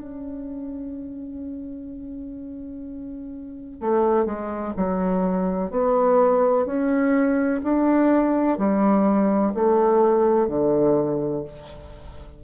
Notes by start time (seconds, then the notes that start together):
0.00 C#4
3.81 A3
4.26 G#3
4.77 F#3
5.71 B3
6.66 C#4
7.64 D4
8.58 G3
9.55 A3
10.48 D3